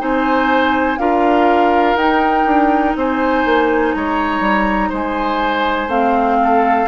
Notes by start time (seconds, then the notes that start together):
0.00 C4 D#4 C5 G#5
0.99 D4 F4 A#4 F5
1.95 D#4 G5
2.46 D4
2.96 C4 C5 G#5
3.45 A#3
3.94 G#3 C#5 A#5
4.41 G3
4.89 G#3 C5 G#5
5.88 A3 C4 F5
6.43 A4